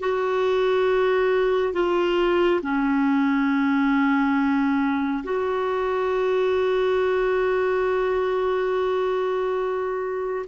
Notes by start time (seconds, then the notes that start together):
0.00 F#4
1.74 F4
2.63 C#4
5.24 F#4